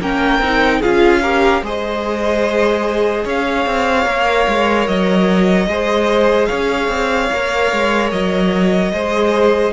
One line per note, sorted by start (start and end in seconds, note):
0.00 0.39 A#3
0.00 0.42 C#4
0.00 0.79 A#4
0.00 0.82 G5
0.39 0.79 C4
0.39 0.83 D#4
0.79 1.62 C#4
0.79 1.23 F4
0.79 1.20 G#4
0.79 1.63 F5
1.22 1.63 G4
1.22 1.62 A#4
1.62 3.24 G#3
1.62 4.05 G#4
1.62 3.24 C5
1.62 3.28 D#5
3.24 3.66 C#4
3.24 5.67 C#5
3.24 4.87 F5
3.66 4.06 C4
4.05 4.46 A#3
4.05 5.67 A#4
4.47 4.87 G#3
4.87 5.67 F#3
4.87 6.46 D#5
5.67 6.48 G#3
5.67 7.31 G#4
5.67 6.48 C5
6.46 6.88 C#4
6.46 8.92 C#5
6.46 8.08 F5
6.88 7.29 C4
7.32 7.72 A#3
7.32 8.93 A#4
7.72 8.12 G#3
8.11 8.92 F#3
8.11 9.73 D#5
8.92 9.73 G#3
8.92 9.73 G#4
8.92 9.73 C5